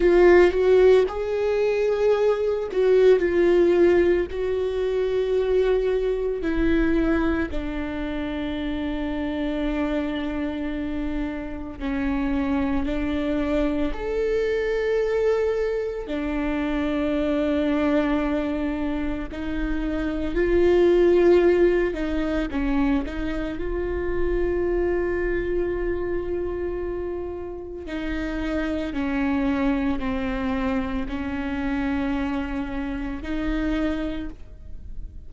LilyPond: \new Staff \with { instrumentName = "viola" } { \time 4/4 \tempo 4 = 56 f'8 fis'8 gis'4. fis'8 f'4 | fis'2 e'4 d'4~ | d'2. cis'4 | d'4 a'2 d'4~ |
d'2 dis'4 f'4~ | f'8 dis'8 cis'8 dis'8 f'2~ | f'2 dis'4 cis'4 | c'4 cis'2 dis'4 | }